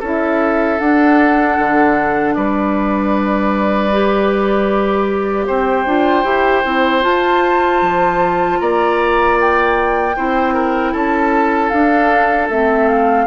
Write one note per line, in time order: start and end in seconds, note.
0.00 0.80 C#4
0.00 0.81 E4
0.00 2.34 A4
0.07 0.80 E5
0.80 1.58 D4
0.80 3.92 D4
0.80 2.34 F#5
1.59 2.36 D3
2.34 5.48 G3
2.34 5.47 B4
2.34 5.46 D5
3.92 5.87 G4
5.47 5.86 C4
5.47 8.58 C5
5.47 7.03 G5
5.86 6.25 D4
5.86 6.24 F4
6.24 6.63 E4
6.24 6.63 G4
6.65 7.04 C4
6.65 7.01 E4
7.01 10.13 F4
7.01 7.82 F4
7.01 8.60 A5
7.82 8.60 F3
8.60 10.17 A#3
8.60 10.16 D5
8.60 9.38 A#5
9.40 10.94 G5
10.16 10.94 C4
10.16 11.73 E4
10.16 10.54 C5
10.54 10.92 A#4
10.92 11.71 C#4
10.92 13.26 A4
10.92 11.70 A5
11.70 12.50 D4
11.70 12.51 D4
11.70 12.48 F5
12.50 13.27 A3
12.50 13.27 C4
12.50 12.88 E5
12.88 13.27 F5